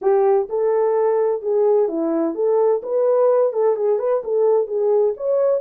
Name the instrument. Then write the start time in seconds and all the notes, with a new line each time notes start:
horn
0.01 G4
0.49 A4
1.42 G#4
1.88 E4
2.34 A4
2.83 B4
3.53 A4
3.76 G#4
3.98 B4
4.24 A4
4.67 G#4
5.16 C#5